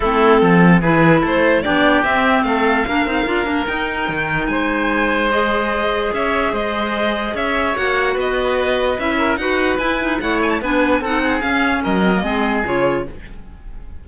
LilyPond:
<<
  \new Staff \with { instrumentName = "violin" } { \time 4/4 \tempo 4 = 147 a'2 b'4 c''4 | d''4 e''4 f''2~ | f''4 g''2 gis''4~ | gis''4 dis''2 e''4 |
dis''2 e''4 fis''4 | dis''2 e''4 fis''4 | gis''4 fis''8 gis''16 a''16 gis''4 fis''4 | f''4 dis''2 cis''4 | }
  \new Staff \with { instrumentName = "oboe" } { \time 4/4 e'4 a'4 gis'4 a'4 | g'2 a'4 ais'4~ | ais'2. c''4~ | c''2. cis''4 |
c''2 cis''2 | b'2~ b'8 ais'8 b'4~ | b'4 cis''4 b'4 a'8 gis'8~ | gis'4 ais'4 gis'2 | }
  \new Staff \with { instrumentName = "clarinet" } { \time 4/4 c'2 e'2 | d'4 c'2 d'8 dis'8 | f'8 d'8 dis'2.~ | dis'4 gis'2.~ |
gis'2. fis'4~ | fis'2 e'4 fis'4 | e'8 dis'8 e'4 d'4 dis'4 | cis'4. c'16 ais16 c'4 f'4 | }
  \new Staff \with { instrumentName = "cello" } { \time 4/4 a4 f4 e4 a4 | b4 c'4 a4 ais8 c'8 | d'8 ais8 dis'4 dis4 gis4~ | gis2. cis'4 |
gis2 cis'4 ais4 | b2 cis'4 dis'4 | e'4 a4 b4 c'4 | cis'4 fis4 gis4 cis4 | }
>>